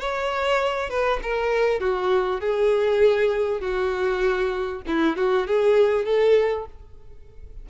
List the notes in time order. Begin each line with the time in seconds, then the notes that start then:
0.00 C#5
0.90 B4
1.23 A#4
1.80 F#4
2.40 G#4
3.60 F#4
4.87 E4
5.17 F#4
5.47 G#4
6.05 A4